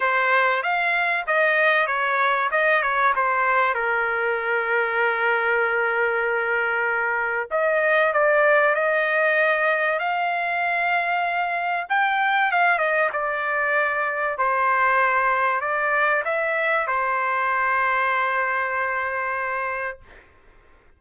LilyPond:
\new Staff \with { instrumentName = "trumpet" } { \time 4/4 \tempo 4 = 96 c''4 f''4 dis''4 cis''4 | dis''8 cis''8 c''4 ais'2~ | ais'1 | dis''4 d''4 dis''2 |
f''2. g''4 | f''8 dis''8 d''2 c''4~ | c''4 d''4 e''4 c''4~ | c''1 | }